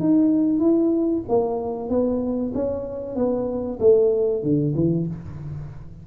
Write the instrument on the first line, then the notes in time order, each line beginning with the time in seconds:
tuba
0.00 D#4
0.60 E4
1.29 A#3
1.89 B3
2.55 C#4
3.16 B3
3.80 A3
4.43 D3
4.76 E3